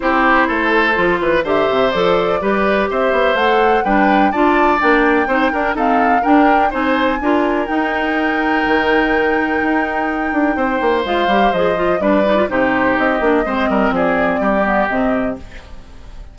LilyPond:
<<
  \new Staff \with { instrumentName = "flute" } { \time 4/4 \tempo 4 = 125 c''2. e''4 | d''2 e''4 fis''4 | g''4 a''4 g''2 | f''4 g''4 gis''2 |
g''1~ | g''2. f''4 | dis''4 d''4 c''4 dis''4~ | dis''4 d''2 dis''4 | }
  \new Staff \with { instrumentName = "oboe" } { \time 4/4 g'4 a'4. b'8 c''4~ | c''4 b'4 c''2 | b'4 d''2 c''8 ais'8 | a'4 ais'4 c''4 ais'4~ |
ais'1~ | ais'2 c''2~ | c''4 b'4 g'2 | c''8 ais'8 gis'4 g'2 | }
  \new Staff \with { instrumentName = "clarinet" } { \time 4/4 e'2 f'4 g'4 | a'4 g'2 a'4 | d'4 f'4 d'4 dis'8 d'8 | c'4 d'4 dis'4 f'4 |
dis'1~ | dis'2. f'8 g'8 | gis'8 f'8 d'8 dis'16 f'16 dis'4. d'8 | c'2~ c'8 b8 c'4 | }
  \new Staff \with { instrumentName = "bassoon" } { \time 4/4 c'4 a4 f8 e8 d8 c8 | f4 g4 c'8 b8 a4 | g4 d'4 ais4 c'8 d'8 | dis'4 d'4 c'4 d'4 |
dis'2 dis2 | dis'4. d'8 c'8 ais8 gis8 g8 | f4 g4 c4 c'8 ais8 | gis8 g8 f4 g4 c4 | }
>>